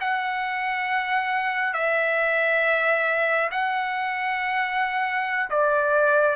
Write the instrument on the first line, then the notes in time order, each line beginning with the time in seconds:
trumpet
0.00 F#5
1.73 E5
3.51 F#5
5.50 D5